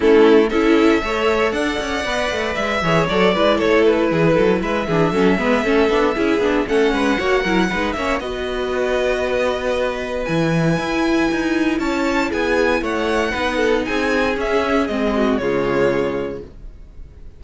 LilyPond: <<
  \new Staff \with { instrumentName = "violin" } { \time 4/4 \tempo 4 = 117 a'4 e''2 fis''4~ | fis''4 e''4 d''4 cis''8 b'8~ | b'4 e''2.~ | e''4 fis''2~ fis''8 e''8 |
dis''1 | gis''2. a''4 | gis''4 fis''2 gis''4 | e''4 dis''4 cis''2 | }
  \new Staff \with { instrumentName = "violin" } { \time 4/4 e'4 a'4 cis''4 d''4~ | d''4. cis''4 b'8 a'4 | gis'8 a'8 b'8 gis'8 a'8 b'8 a'4 | gis'4 a'8 b'8 cis''8 ais'8 b'8 cis''8 |
b'1~ | b'2. cis''4 | gis'4 cis''4 b'8 a'8 gis'4~ | gis'4. fis'8 f'2 | }
  \new Staff \with { instrumentName = "viola" } { \time 4/4 cis'4 e'4 a'2 | b'4. gis'8 a'8 e'4.~ | e'4. d'8 cis'8 b8 cis'8 d'8 | e'8 d'8 cis'4 fis'8 e'8 dis'8 cis'8 |
fis'1 | e'1~ | e'2 dis'2 | cis'4 c'4 gis2 | }
  \new Staff \with { instrumentName = "cello" } { \time 4/4 a4 cis'4 a4 d'8 cis'8 | b8 a8 gis8 e8 fis8 gis8 a4 | e8 fis8 gis8 e8 fis8 gis8 a8 b8 | cis'8 b8 a8 gis8 ais8 fis8 gis8 ais8 |
b1 | e4 e'4 dis'4 cis'4 | b4 a4 b4 c'4 | cis'4 gis4 cis2 | }
>>